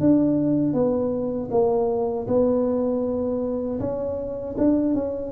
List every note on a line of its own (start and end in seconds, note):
0.00 0.74 D4
0.74 1.49 B3
1.51 2.27 A#3
2.28 3.79 B3
3.80 4.56 C#4
4.58 4.94 D4
4.94 5.32 C#4